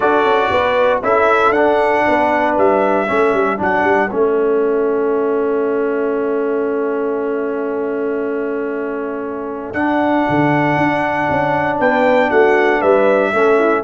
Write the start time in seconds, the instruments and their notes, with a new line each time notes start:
0.00 tuba D4, trombone F#4, horn A4, trumpet D5
0.24 tuba C#4
0.50 tuba B3, horn B4
1.02 tuba C#4, trombone E4, horn A4, trumpet E5
1.50 tuba D4, trombone D4, trumpet F#5
2.07 tuba B3, horn B4
2.57 tuba G3, trumpet E5
3.06 tuba A3, trombone C#4, horn A4
3.33 tuba G3
3.57 tuba F#3, trombone D4, trumpet F#5
3.83 tuba G3
4.10 tuba A3, trombone C#4, trumpet E5
9.73 tuba D4, trombone D4, trumpet F#5
10.29 tuba D3
10.76 tuba D4
11.29 tuba C#4
11.79 tuba B3, horn B4, trumpet G5
12.30 tuba A3, horn F#4, trumpet F#5
12.81 tuba G3, horn B4, trumpet E5
13.33 tuba A3, trombone C#4, horn A4
13.59 horn E4